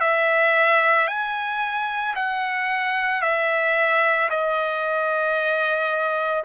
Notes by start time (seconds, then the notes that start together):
0.00 E5
1.08 G#5
2.15 F#5
3.22 E5
4.30 D#5